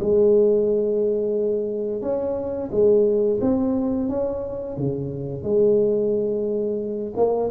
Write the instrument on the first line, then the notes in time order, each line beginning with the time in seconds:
tuba
0.00 G#3
2.02 C#4
2.72 G#3
3.41 C4
4.09 C#4
4.77 C#3
5.43 G#3
7.16 A#3